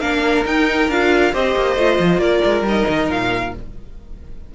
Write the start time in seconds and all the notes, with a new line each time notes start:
0.00 A#3 D4 A#4 F5
0.45 D#4 G5
0.89 D4 F4 F5
1.33 C4 G4 C5 D#5
1.56 A#3
1.76 A3 F4
1.99 F3
2.17 A#3 A#4 D5
2.45 G#3
2.62 G3 D#4
2.68 D#5
2.88 D#3
3.10 A#2 F5